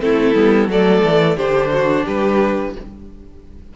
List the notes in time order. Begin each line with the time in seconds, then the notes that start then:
0.00 A3 C4 E4 A4
0.35 G3 B3
0.68 F#3 A3 A4 D5
1.05 E3
1.37 D3 D4 G4 C5
1.73 F#4
2.05 G3 G4 B4